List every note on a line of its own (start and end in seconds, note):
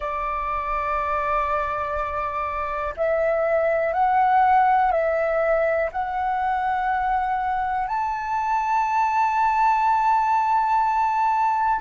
0.00 2.94 D5
2.96 3.93 E5
3.93 4.91 F#5
4.91 5.90 E5
5.92 7.87 F#5
7.87 11.80 A5